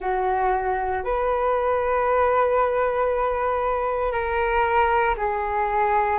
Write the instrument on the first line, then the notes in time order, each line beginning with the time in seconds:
flute
0.00 F#4
1.03 B4
4.11 A#4
5.17 G#4